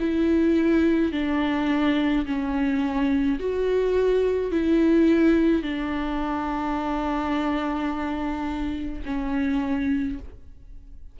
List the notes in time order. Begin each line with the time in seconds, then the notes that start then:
0.00 E4
1.13 D4
2.26 C#4
3.40 F#4
4.52 E4
5.63 D4
9.06 C#4